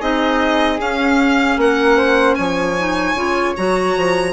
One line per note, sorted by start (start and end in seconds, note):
0.00 0.80 C4
0.00 0.80 D#4
0.00 1.58 G#4
0.00 0.80 D#5
0.80 1.57 C#4
0.80 2.77 C#4
0.80 1.60 F5
1.57 2.36 A#3
1.57 1.97 A#4
1.57 2.35 F#5
1.97 2.37 C5
2.35 3.15 F3
2.35 4.33 C#5
2.35 3.54 G#5
2.78 3.16 D#4
3.15 3.54 C#3
3.15 3.55 F4
3.57 3.97 F#3
3.57 4.33 F#4
3.57 4.33 A#5
3.97 4.33 F3